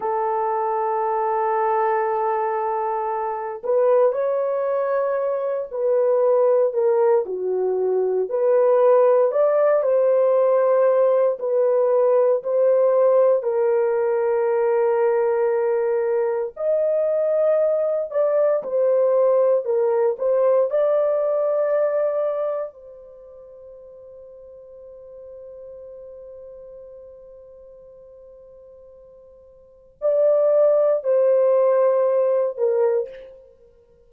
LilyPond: \new Staff \with { instrumentName = "horn" } { \time 4/4 \tempo 4 = 58 a'2.~ a'8 b'8 | cis''4. b'4 ais'8 fis'4 | b'4 d''8 c''4. b'4 | c''4 ais'2. |
dis''4. d''8 c''4 ais'8 c''8 | d''2 c''2~ | c''1~ | c''4 d''4 c''4. ais'8 | }